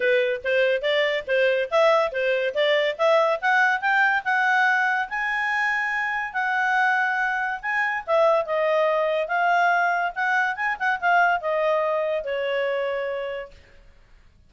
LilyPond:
\new Staff \with { instrumentName = "clarinet" } { \time 4/4 \tempo 4 = 142 b'4 c''4 d''4 c''4 | e''4 c''4 d''4 e''4 | fis''4 g''4 fis''2 | gis''2. fis''4~ |
fis''2 gis''4 e''4 | dis''2 f''2 | fis''4 gis''8 fis''8 f''4 dis''4~ | dis''4 cis''2. | }